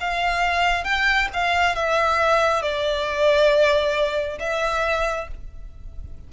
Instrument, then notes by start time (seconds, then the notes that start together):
violin
0.00 F5
0.84 G5
1.34 F5
1.75 E5
2.62 D5
4.40 E5